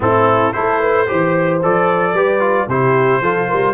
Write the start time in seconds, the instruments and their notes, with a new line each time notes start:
0.00 tuba A2, trombone C4, horn E4, trumpet A4
0.52 tuba A3, trombone E4, horn A4, trumpet C5
0.79 horn B4
1.07 tuba E3, trombone G4, horn C5
1.62 tuba F3, trombone A4, trumpet D5
2.13 tuba G3, trombone G4, horn B4
2.40 trombone F4
2.67 tuba C3, trombone E4, horn G4, trumpet C5
3.21 tuba F3, trombone F4, horn A4
3.48 tuba G3, horn A#4